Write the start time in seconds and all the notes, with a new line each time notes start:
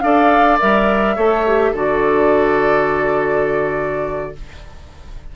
0.00 D4 A4 D5 F5
0.59 G3 A#4 E5
1.16 A3 A4 C#5
1.47 G4
1.72 D3 F#4 A4 D5